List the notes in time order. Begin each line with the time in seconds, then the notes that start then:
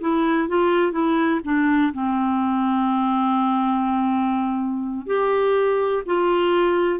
0.00 E4
0.48 F4
0.91 E4
1.44 D4
1.93 C4
5.06 G4
6.06 F4